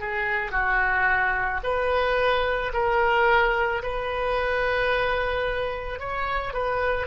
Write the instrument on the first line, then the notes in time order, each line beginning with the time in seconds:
oboe
0.00 G#4
0.52 F#4
1.64 B4
2.74 A#4
3.83 B4
6.00 C#5
6.54 B4